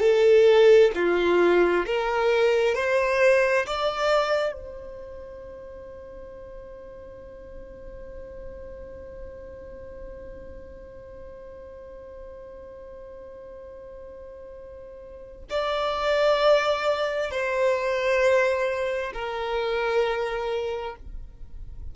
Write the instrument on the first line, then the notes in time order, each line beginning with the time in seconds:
violin
0.00 A4
0.95 F4
1.86 A#4
2.75 C5
3.66 D5
4.52 C5
15.50 D5
17.31 C5
19.14 A#4